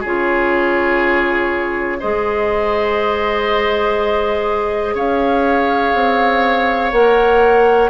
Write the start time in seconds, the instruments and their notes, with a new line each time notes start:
0.00 bassoon C#3, clarinet F4, oboe G#4, flute C#5
2.00 bassoon G#3, clarinet G#4, oboe C5, flute D#5
4.94 bassoon C#4, oboe C#5, flute F5
5.94 bassoon C4
6.92 bassoon A#3, clarinet A#4, flute F#5